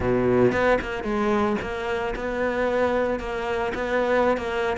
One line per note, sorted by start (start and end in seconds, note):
0.00 0.52 B2
0.52 0.78 B3
0.81 1.03 A#3
1.03 1.56 G#3
1.61 2.14 A#3
2.15 3.19 B3
3.19 3.72 A#3
3.74 4.37 B3
4.37 4.76 A#3